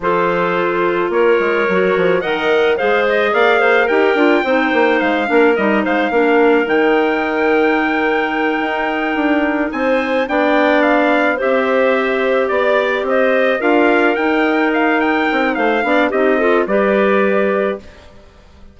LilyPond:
<<
  \new Staff \with { instrumentName = "trumpet" } { \time 4/4 \tempo 4 = 108 c''2 cis''2 | fis''4 f''8 dis''8 f''4 g''4~ | g''4 f''4 dis''8 f''4. | g''1~ |
g''4. gis''4 g''4 f''8~ | f''8 e''2 d''4 dis''8~ | dis''8 f''4 g''4 f''8 g''4 | f''4 dis''4 d''2 | }
  \new Staff \with { instrumentName = "clarinet" } { \time 4/4 a'2 ais'2 | dis''4 c''4 d''8 c''8 ais'4 | c''4. ais'4 c''8 ais'4~ | ais'1~ |
ais'4. c''4 d''4.~ | d''8 c''2 d''4 c''8~ | c''8 ais'2.~ ais'8 | c''8 d''8 g'8 a'8 b'2 | }
  \new Staff \with { instrumentName = "clarinet" } { \time 4/4 f'2. fis'4 | ais'4 gis'2 g'8 f'8 | dis'4. d'8 dis'4 d'4 | dis'1~ |
dis'2~ dis'8 d'4.~ | d'8 g'2.~ g'8~ | g'8 f'4 dis'2~ dis'8~ | dis'8 d'8 dis'8 f'8 g'2 | }
  \new Staff \with { instrumentName = "bassoon" } { \time 4/4 f2 ais8 gis8 fis8 f8 | dis4 gis4 ais4 dis'8 d'8 | c'8 ais8 gis8 ais8 g8 gis8 ais4 | dis2.~ dis8 dis'8~ |
dis'8 d'4 c'4 b4.~ | b8 c'2 b4 c'8~ | c'8 d'4 dis'2 c'8 | a8 b8 c'4 g2 | }
>>